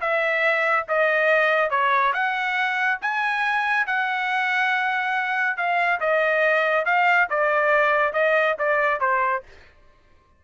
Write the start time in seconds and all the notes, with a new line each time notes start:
0.00 E5
0.88 D#5
1.70 C#5
2.13 F#5
3.01 G#5
3.86 F#5
5.57 F5
6.00 D#5
6.85 F5
7.29 D5
8.13 D#5
8.58 D5
9.00 C5